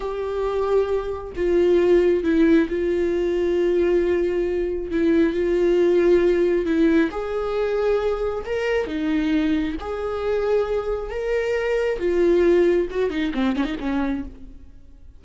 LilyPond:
\new Staff \with { instrumentName = "viola" } { \time 4/4 \tempo 4 = 135 g'2. f'4~ | f'4 e'4 f'2~ | f'2. e'4 | f'2. e'4 |
gis'2. ais'4 | dis'2 gis'2~ | gis'4 ais'2 f'4~ | f'4 fis'8 dis'8 c'8 cis'16 dis'16 cis'4 | }